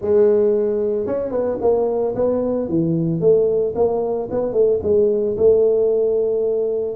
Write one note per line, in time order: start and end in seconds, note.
0.01 1.06 G#3
1.06 1.31 C#4
1.31 1.58 B3
1.61 2.15 A#3
2.15 2.68 B3
2.68 3.20 E3
3.20 3.74 A3
3.75 4.29 A#3
4.30 4.52 B3
4.52 4.79 A3
4.82 5.36 G#3
5.37 6.95 A3